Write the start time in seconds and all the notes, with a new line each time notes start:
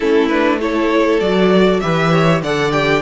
0.00 A3 C#4 E4 A4
0.28 D4 B4
0.60 E4 A4 C#5
1.20 F#3 F#4 D5
1.80 E3 G4 B4 E5
2.12 C#5
2.42 D3 A4 D5 F#5
2.71 G4 G5